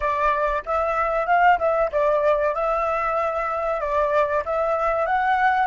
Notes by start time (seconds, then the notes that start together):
0.00 D5
0.65 E5
1.26 F5
1.58 E5
1.91 D5
2.54 E5
3.80 D5
4.45 E5
5.06 F#5